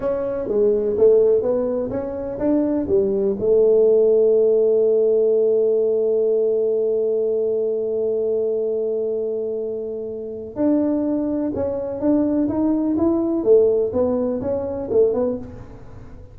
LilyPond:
\new Staff \with { instrumentName = "tuba" } { \time 4/4 \tempo 4 = 125 cis'4 gis4 a4 b4 | cis'4 d'4 g4 a4~ | a1~ | a1~ |
a1~ | a2 d'2 | cis'4 d'4 dis'4 e'4 | a4 b4 cis'4 a8 b8 | }